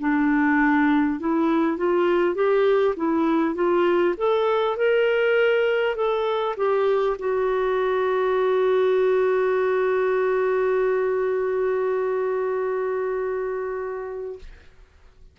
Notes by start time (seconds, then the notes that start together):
0.00 D4
1.20 E4
1.77 F4
2.35 G4
2.97 E4
3.55 F4
4.17 A4
4.77 A#4
5.96 A4
6.57 G4
7.19 F#4